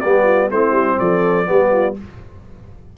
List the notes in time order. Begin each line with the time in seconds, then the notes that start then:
0.00 G3 B3 G4 D5
0.24 F4
0.51 A3 C4 E4 C5
0.72 G3
0.99 F3 A4 D5
1.45 G3 B3 G4
1.72 F4